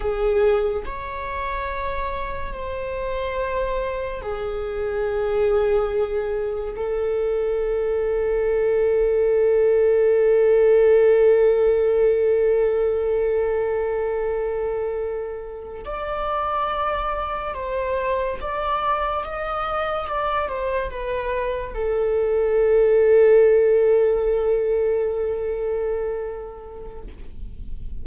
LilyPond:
\new Staff \with { instrumentName = "viola" } { \time 4/4 \tempo 4 = 71 gis'4 cis''2 c''4~ | c''4 gis'2. | a'1~ | a'1~ |
a'2~ a'8. d''4~ d''16~ | d''8. c''4 d''4 dis''4 d''16~ | d''16 c''8 b'4 a'2~ a'16~ | a'1 | }